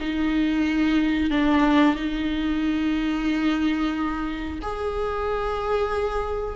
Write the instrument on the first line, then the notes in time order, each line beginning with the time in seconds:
viola
0.00 D#4
1.30 D4
1.96 D#4
4.62 G#4